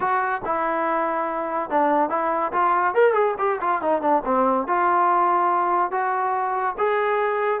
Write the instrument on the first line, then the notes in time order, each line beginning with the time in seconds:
trombone
0.00 F#4
0.44 E4
1.69 D4
2.09 E4
2.52 F4
2.94 A#4
3.13 G#4
3.38 G4
3.60 F4
3.81 D#4
4.01 D4
4.25 C4
4.67 F4
5.91 F#4
6.77 G#4